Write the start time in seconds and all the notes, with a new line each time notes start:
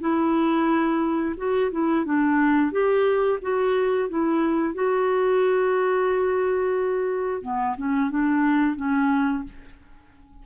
0.00 E4
1.37 F#4
1.71 E4
2.05 D4
2.72 G4
3.42 F#4
4.09 E4
4.74 F#4
7.42 B3
7.77 C#4
8.10 D4
8.76 C#4